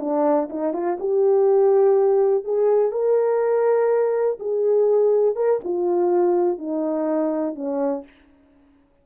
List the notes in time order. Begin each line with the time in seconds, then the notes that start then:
0.00 D4
0.49 D#4
0.73 F4
1.00 G4
2.44 G#4
2.92 A#4
4.39 G#4
5.36 A#4
5.64 F4
6.58 D#4
7.55 C#4